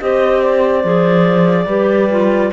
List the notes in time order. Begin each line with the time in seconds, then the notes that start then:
0.00 C4 G4 C5 D#5
0.42 D5
0.84 F3 G#4
1.66 G3 G4 B4
2.11 F4